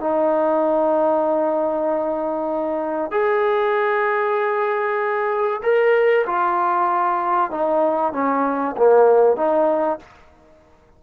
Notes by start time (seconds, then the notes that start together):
0.00 D#4
3.11 G#4
5.63 A#4
6.26 F4
7.51 D#4
8.13 C#4
8.77 A#3
9.36 D#4